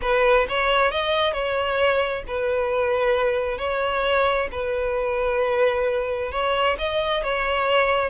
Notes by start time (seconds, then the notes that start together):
0.01 B4
0.48 C#5
0.91 D#5
1.32 C#5
2.27 B4
3.58 C#5
4.51 B4
6.31 C#5
6.78 D#5
7.23 C#5